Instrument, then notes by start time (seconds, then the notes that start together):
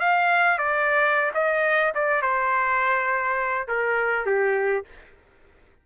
trumpet
0.00 F5
0.58 D5
1.34 D#5
1.95 D5
2.22 C5
3.68 A#4
4.26 G4